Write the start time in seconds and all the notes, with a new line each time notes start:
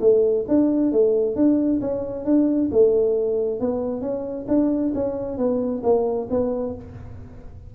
0.00 A3
0.47 D4
0.92 A3
1.35 D4
1.81 C#4
2.24 D4
2.71 A3
3.60 B3
4.01 C#4
4.48 D4
4.94 C#4
5.37 B3
5.83 A#3
6.30 B3